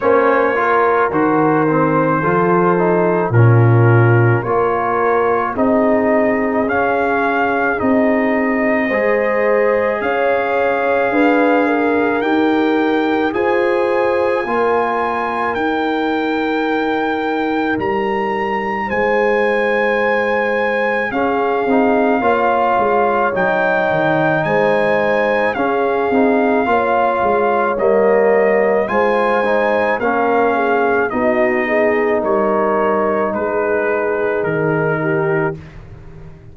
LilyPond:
<<
  \new Staff \with { instrumentName = "trumpet" } { \time 4/4 \tempo 4 = 54 cis''4 c''2 ais'4 | cis''4 dis''4 f''4 dis''4~ | dis''4 f''2 g''4 | gis''2 g''2 |
ais''4 gis''2 f''4~ | f''4 g''4 gis''4 f''4~ | f''4 dis''4 gis''4 f''4 | dis''4 cis''4 b'4 ais'4 | }
  \new Staff \with { instrumentName = "horn" } { \time 4/4 c''8 ais'4. a'4 f'4 | ais'4 gis'2. | c''4 cis''4 b'8 ais'4. | c''4 ais'2.~ |
ais'4 c''2 gis'4 | cis''2 c''4 gis'4 | cis''2 c''4 ais'8 gis'8 | fis'8 gis'8 ais'4 gis'4. g'8 | }
  \new Staff \with { instrumentName = "trombone" } { \time 4/4 cis'8 f'8 fis'8 c'8 f'8 dis'8 cis'4 | f'4 dis'4 cis'4 dis'4 | gis'2. g'4 | gis'4 f'4 dis'2~ |
dis'2. cis'8 dis'8 | f'4 dis'2 cis'8 dis'8 | f'4 ais4 f'8 dis'8 cis'4 | dis'1 | }
  \new Staff \with { instrumentName = "tuba" } { \time 4/4 ais4 dis4 f4 ais,4 | ais4 c'4 cis'4 c'4 | gis4 cis'4 d'4 dis'4 | f'4 ais4 dis'2 |
g4 gis2 cis'8 c'8 | ais8 gis8 fis8 dis8 gis4 cis'8 c'8 | ais8 gis8 g4 gis4 ais4 | b4 g4 gis4 dis4 | }
>>